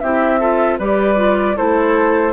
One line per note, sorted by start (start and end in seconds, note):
0.00 0.79 C4
0.00 0.40 E4
0.00 0.40 G4
0.00 0.78 E5
0.40 0.79 F4
0.40 0.79 A4
0.79 1.57 G3
0.79 1.16 G4
0.79 1.57 B4
0.79 1.57 D5
1.16 1.55 F4
1.56 2.33 A3
1.56 2.33 E4
1.56 2.33 A4
1.56 2.33 C5